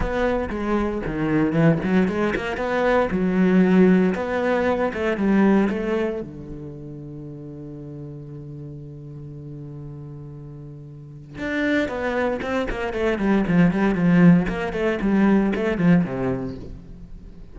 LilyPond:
\new Staff \with { instrumentName = "cello" } { \time 4/4 \tempo 4 = 116 b4 gis4 dis4 e8 fis8 | gis8 ais8 b4 fis2 | b4. a8 g4 a4 | d1~ |
d1~ | d2 d'4 b4 | c'8 ais8 a8 g8 f8 g8 f4 | ais8 a8 g4 a8 f8 c4 | }